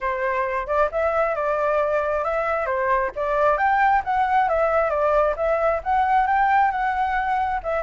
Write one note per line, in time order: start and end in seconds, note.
0.00 0.66 C5
0.66 0.89 D5
0.91 1.35 E5
1.35 2.24 D5
2.24 2.66 E5
2.66 3.10 C5
3.15 3.57 D5
3.57 4.02 G5
4.04 4.48 F#5
4.48 4.89 E5
4.89 5.34 D5
5.36 5.81 E5
5.83 6.26 F#5
6.26 6.71 G5
6.71 7.60 F#5
7.63 7.83 E5